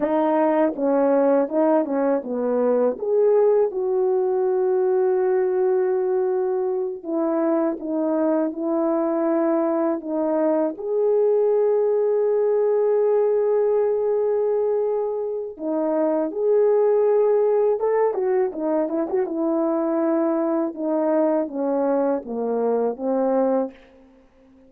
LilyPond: \new Staff \with { instrumentName = "horn" } { \time 4/4 \tempo 4 = 81 dis'4 cis'4 dis'8 cis'8 b4 | gis'4 fis'2.~ | fis'4. e'4 dis'4 e'8~ | e'4. dis'4 gis'4.~ |
gis'1~ | gis'4 dis'4 gis'2 | a'8 fis'8 dis'8 e'16 fis'16 e'2 | dis'4 cis'4 ais4 c'4 | }